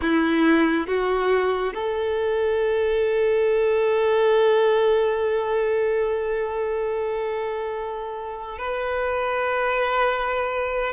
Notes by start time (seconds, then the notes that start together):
0.01 E4
0.87 F#4
1.74 A4
8.58 B4